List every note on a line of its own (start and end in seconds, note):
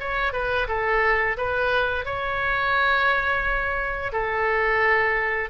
0.00 0.33 C#5
0.33 0.67 B4
0.68 1.37 A4
1.37 2.05 B4
2.05 4.12 C#5
4.12 5.49 A4